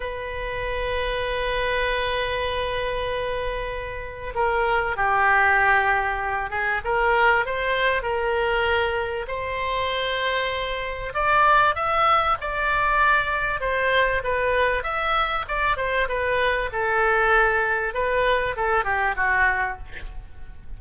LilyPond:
\new Staff \with { instrumentName = "oboe" } { \time 4/4 \tempo 4 = 97 b'1~ | b'2. ais'4 | g'2~ g'8 gis'8 ais'4 | c''4 ais'2 c''4~ |
c''2 d''4 e''4 | d''2 c''4 b'4 | e''4 d''8 c''8 b'4 a'4~ | a'4 b'4 a'8 g'8 fis'4 | }